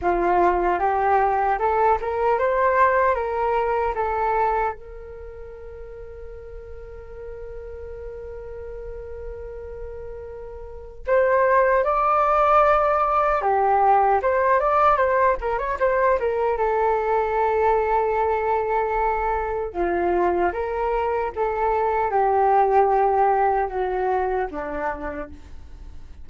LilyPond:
\new Staff \with { instrumentName = "flute" } { \time 4/4 \tempo 4 = 76 f'4 g'4 a'8 ais'8 c''4 | ais'4 a'4 ais'2~ | ais'1~ | ais'2 c''4 d''4~ |
d''4 g'4 c''8 d''8 c''8 ais'16 cis''16 | c''8 ais'8 a'2.~ | a'4 f'4 ais'4 a'4 | g'2 fis'4 d'4 | }